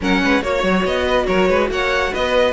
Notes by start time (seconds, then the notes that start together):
0.01 F#3 C#4 A#4 F#5
0.23 G#3 B4
0.42 A#3 F#4 C#5
0.63 F#3
0.84 B3 D#5
1.05 B4
1.26 F#3 A#4 C#5
1.49 G#3 B4
1.69 A#3 C#5 F#5
2.12 B3 B4 D#5